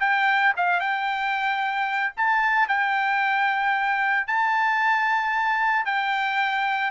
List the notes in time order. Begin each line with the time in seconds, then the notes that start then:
0.00 G5
0.56 F5
0.80 G5
2.16 A5
2.68 G5
4.27 A5
5.85 G5